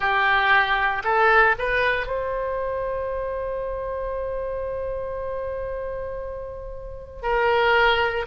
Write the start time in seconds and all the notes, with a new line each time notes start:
0.00 G4
1.03 A4
1.58 B4
2.06 C5
7.22 A#4